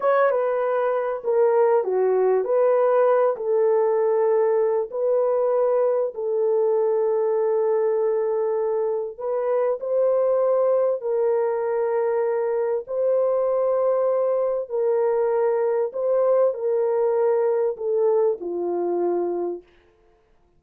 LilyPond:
\new Staff \with { instrumentName = "horn" } { \time 4/4 \tempo 4 = 98 cis''8 b'4. ais'4 fis'4 | b'4. a'2~ a'8 | b'2 a'2~ | a'2. b'4 |
c''2 ais'2~ | ais'4 c''2. | ais'2 c''4 ais'4~ | ais'4 a'4 f'2 | }